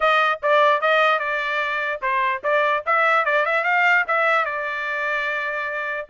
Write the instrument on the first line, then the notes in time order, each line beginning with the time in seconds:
trumpet
0.00 D#5
0.42 D5
0.81 D#5
1.19 D5
2.01 C5
2.43 D5
2.86 E5
3.25 D5
3.45 E5
3.64 F5
4.07 E5
4.45 D5